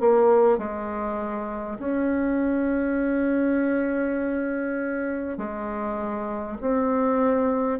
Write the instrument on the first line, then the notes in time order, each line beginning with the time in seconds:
bassoon
0.00 A#3
0.58 G#3
1.78 C#4
5.37 G#3
6.61 C4